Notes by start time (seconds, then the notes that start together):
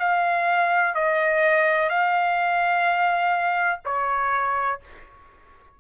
0.00 F5
0.95 D#5
1.90 F5
3.85 C#5